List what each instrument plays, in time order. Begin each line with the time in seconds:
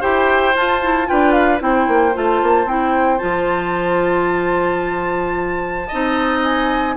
0.00 bassoon E4, clarinet G4, oboe C5, flute G5
0.55 bassoon F4, clarinet F4, flute A5
0.82 clarinet E4
1.06 bassoon D4, clarinet F4, oboe B4, flute G5
1.32 flute F5
1.59 bassoon C4, clarinet E4, oboe C5, flute G5
1.88 bassoon A#3
2.13 bassoon A3, clarinet F4, flute A5
2.42 bassoon A#3
2.65 bassoon C4, clarinet E4, flute G5
3.18 bassoon F3, clarinet F4, flute A5
5.87 bassoon C4, clarinet D#4, oboe D#5
6.43 flute G#5